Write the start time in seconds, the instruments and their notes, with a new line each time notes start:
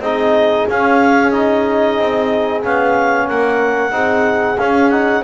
0.00 double bass C4, trombone D#4, horn G#4, clarinet D#5
0.69 double bass C#4, trombone C#4, clarinet F5
1.31 trombone D#4, clarinet D#5
1.99 double bass C4
2.62 double bass B3, trombone C#4, clarinet F5
3.27 double bass A#3, horn A#4, clarinet F#5
3.91 double bass C4, trombone D#4, horn G#4
4.58 double bass C#4, trombone C#4, clarinet F5
4.90 trombone D#4, clarinet F#5